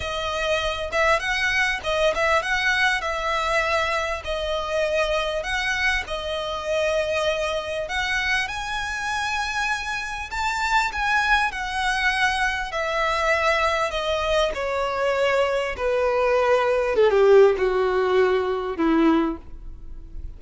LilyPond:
\new Staff \with { instrumentName = "violin" } { \time 4/4 \tempo 4 = 99 dis''4. e''8 fis''4 dis''8 e''8 | fis''4 e''2 dis''4~ | dis''4 fis''4 dis''2~ | dis''4 fis''4 gis''2~ |
gis''4 a''4 gis''4 fis''4~ | fis''4 e''2 dis''4 | cis''2 b'2 | a'16 g'8. fis'2 e'4 | }